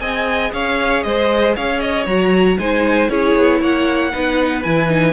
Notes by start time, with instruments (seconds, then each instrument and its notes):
0.00 cello C4, viola G#4, violin D#5 G#5
0.53 cello C#4, violin C#5 F5
1.03 cello G#3, violin C5 D#5
1.56 cello C#4, violin C#5 F5
1.80 violin D#5
2.06 cello F#3, viola F#4, violin A#5
2.59 cello G#3, viola D#4, violin C5 G#5
3.09 cello C#4, viola E4, violin G#4 C#5
3.36 cello B3
3.60 cello A#3, violin C#5 F#5
4.12 cello B3, viola D#4, violin B4
4.63 cello E3, viola E4, violin G#5
4.88 viola D#4